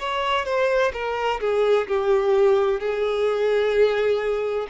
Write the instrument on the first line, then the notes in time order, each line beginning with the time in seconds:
violin
0.00 C#5
0.45 C5
0.93 A#4
1.40 G#4
1.88 G4
2.80 G#4